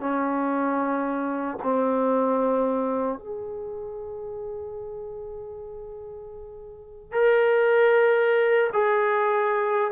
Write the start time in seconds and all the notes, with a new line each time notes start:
0.00 C#4
1.63 C4
3.19 G#4
7.12 A#4
8.73 G#4